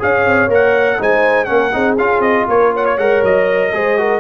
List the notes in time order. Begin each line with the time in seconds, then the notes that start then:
0.00 C#4 G#4 C#5 F5
0.26 C4
0.48 A#3 A#4
0.54 F#5
0.99 G#3 D#4 C5 G#5
1.45 A#3 C#4 F#5
1.51 A#4
1.73 C4 D#4 G#4
1.98 C#4 F4 F5
2.20 C4 D#5
2.49 A#3 A#4 C#5
2.74 C#5 F#5
2.86 C#5
2.98 G#3 A#4 F#5
3.23 F#3 D#5
3.74 G#3 G#4 C5
3.98 F#4 A#4